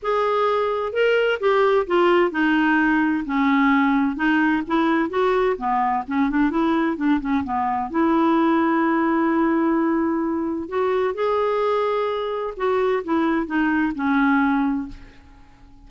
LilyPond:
\new Staff \with { instrumentName = "clarinet" } { \time 4/4 \tempo 4 = 129 gis'2 ais'4 g'4 | f'4 dis'2 cis'4~ | cis'4 dis'4 e'4 fis'4 | b4 cis'8 d'8 e'4 d'8 cis'8 |
b4 e'2.~ | e'2. fis'4 | gis'2. fis'4 | e'4 dis'4 cis'2 | }